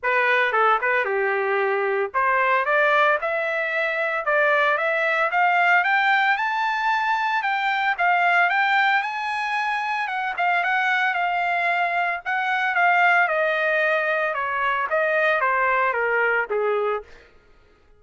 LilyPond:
\new Staff \with { instrumentName = "trumpet" } { \time 4/4 \tempo 4 = 113 b'4 a'8 b'8 g'2 | c''4 d''4 e''2 | d''4 e''4 f''4 g''4 | a''2 g''4 f''4 |
g''4 gis''2 fis''8 f''8 | fis''4 f''2 fis''4 | f''4 dis''2 cis''4 | dis''4 c''4 ais'4 gis'4 | }